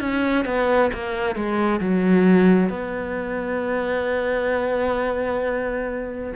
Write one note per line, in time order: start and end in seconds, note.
0.00 0.45 C#4
0.45 0.90 B3
0.93 1.35 A#3
1.35 1.80 G#3
1.80 2.69 F#3
2.69 6.33 B3